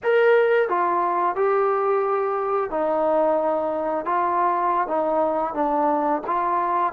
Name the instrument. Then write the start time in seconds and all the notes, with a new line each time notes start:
trombone
0.03 A#4
0.69 F4
1.35 G4
2.70 D#4
4.04 F4
4.87 D#4
5.54 D4
6.26 F4